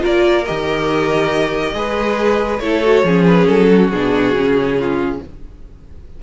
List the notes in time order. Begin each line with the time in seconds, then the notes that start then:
0.00 A#3 F4 A#4 D5
0.45 D#3 G4 D#5
1.73 G#3 G#4 B4
2.59 A3 E4 A4 C#5
2.83 F#4
3.04 F3 C#4 G#4
3.27 B4
3.47 F#3 A4
3.70 F#4
3.90 B2 D4 G#4
4.33 C#3 C#4
4.78 F4